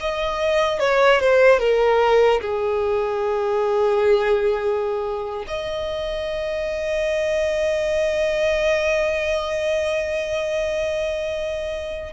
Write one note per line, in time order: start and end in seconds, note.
0.00 0.79 D#5
0.79 1.20 C#5
1.20 1.59 C5
1.59 2.40 A#4
2.41 5.45 G#4
5.47 12.13 D#5